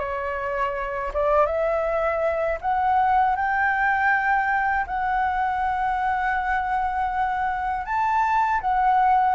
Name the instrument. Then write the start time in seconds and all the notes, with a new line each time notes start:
flute
0.00 C#5
1.14 D5
1.46 E5
2.61 F#5
3.36 G5
4.87 F#5
7.86 A5
8.61 F#5